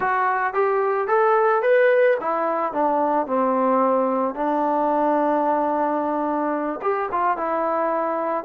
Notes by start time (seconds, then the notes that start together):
0.00 F#4
0.53 G4
1.07 A4
1.62 B4
2.20 E4
2.72 D4
3.27 C4
4.34 D4
6.82 G4
7.11 F4
7.37 E4